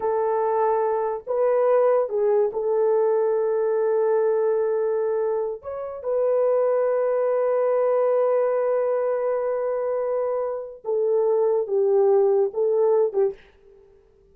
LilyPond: \new Staff \with { instrumentName = "horn" } { \time 4/4 \tempo 4 = 144 a'2. b'4~ | b'4 gis'4 a'2~ | a'1~ | a'4. cis''4 b'4.~ |
b'1~ | b'1~ | b'2 a'2 | g'2 a'4. g'8 | }